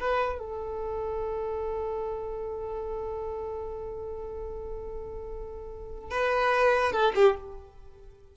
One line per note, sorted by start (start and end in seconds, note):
0.00 0.39 B4
0.39 6.11 A4
6.11 6.93 B4
6.93 7.13 A4
7.15 7.36 G4